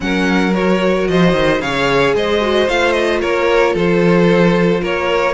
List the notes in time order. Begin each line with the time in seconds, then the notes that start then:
0.00 F#3 C#4 A#4 F#5
0.53 F#4 C#5
1.07 F3 C5 D#5
1.32 D#3
1.60 C#3 G#4 C#5 F5
2.15 G#3 C5 D#5
2.41 F#4
2.68 A3 F4 F5
2.92 D#5
3.20 A#3 A#4 C#5
3.73 F3 A4 C5
4.81 A#3 A#4 C#5